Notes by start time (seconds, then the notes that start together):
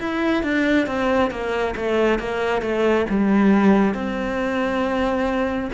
0.00 E4
0.43 D4
0.87 C4
1.31 A#3
1.76 A3
2.19 A#3
2.62 A3
3.10 G3
3.95 C4